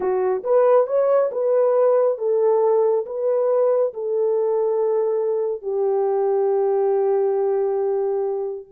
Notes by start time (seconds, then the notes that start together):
0.00 F#4
0.43 B4
0.87 C#5
1.31 B4
2.18 A4
3.06 B4
3.93 A4
5.61 G4